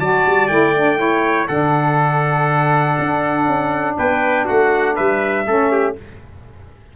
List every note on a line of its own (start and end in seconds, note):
0.00 0.25 F#3
0.00 0.49 F#4
0.00 0.99 D5
0.00 0.48 A5
0.27 0.49 G3
0.48 1.49 A3
0.48 0.74 E4
0.48 1.47 G5
0.77 0.97 D4
0.97 1.47 E4
0.97 1.48 C#5
1.48 2.98 D3
1.48 5.46 D4
1.48 3.96 A4
1.48 3.96 F#5
2.99 3.48 D4
3.48 3.97 C#4
3.98 4.49 B3
3.98 4.46 B4
3.98 4.48 G5
4.46 4.98 A3
4.46 4.95 F#4
4.46 4.96 F#5
4.95 5.47 G3
4.95 5.45 B4
4.95 5.95 E5
5.47 5.96 A3
5.47 5.97 C#4
5.47 5.72 A4
5.72 5.97 G4